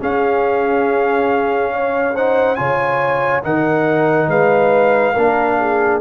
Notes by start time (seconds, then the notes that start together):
0.00 C#4 G#4 F5
1.73 C#5
2.14 D#4 C5 F#5
2.55 C#3 F4 C#5 G#5
3.42 D#3 D#4 A#4 F#5
4.28 G#3 B4 F5
5.14 A#3 D4 A#4
5.60 G#4